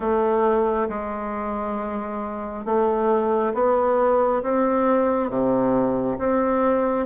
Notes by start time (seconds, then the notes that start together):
0.00 A3
0.88 G#3
2.65 A3
3.54 B3
4.42 C4
5.29 C3
6.18 C4